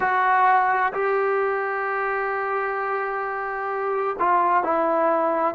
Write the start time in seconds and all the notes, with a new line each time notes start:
0.00 F#4
0.93 G4
4.19 F4
4.63 E4